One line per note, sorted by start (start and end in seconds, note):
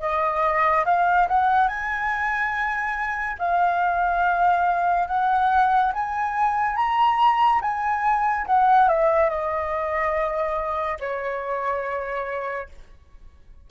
0.00 0.85 D#5
0.85 1.28 F5
1.28 1.67 F#5
1.67 3.36 G#5
3.38 5.07 F5
5.07 5.92 F#5
5.93 6.76 G#5
6.76 7.60 A#5
7.61 8.46 G#5
8.46 8.88 F#5
8.88 9.29 E5
9.29 10.98 D#5
10.99 12.68 C#5